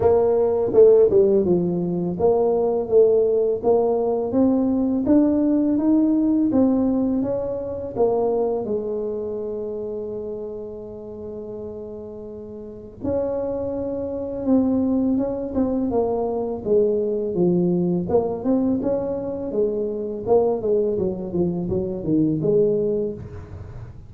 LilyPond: \new Staff \with { instrumentName = "tuba" } { \time 4/4 \tempo 4 = 83 ais4 a8 g8 f4 ais4 | a4 ais4 c'4 d'4 | dis'4 c'4 cis'4 ais4 | gis1~ |
gis2 cis'2 | c'4 cis'8 c'8 ais4 gis4 | f4 ais8 c'8 cis'4 gis4 | ais8 gis8 fis8 f8 fis8 dis8 gis4 | }